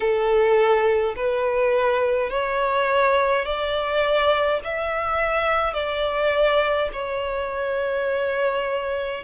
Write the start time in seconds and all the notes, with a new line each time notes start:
0.00 A4
1.15 B4
2.30 C#5
3.45 D5
4.64 E5
5.73 D5
6.92 C#5